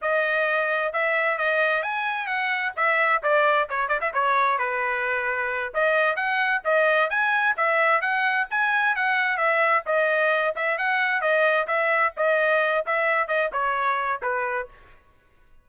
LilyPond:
\new Staff \with { instrumentName = "trumpet" } { \time 4/4 \tempo 4 = 131 dis''2 e''4 dis''4 | gis''4 fis''4 e''4 d''4 | cis''8 d''16 e''16 cis''4 b'2~ | b'8 dis''4 fis''4 dis''4 gis''8~ |
gis''8 e''4 fis''4 gis''4 fis''8~ | fis''8 e''4 dis''4. e''8 fis''8~ | fis''8 dis''4 e''4 dis''4. | e''4 dis''8 cis''4. b'4 | }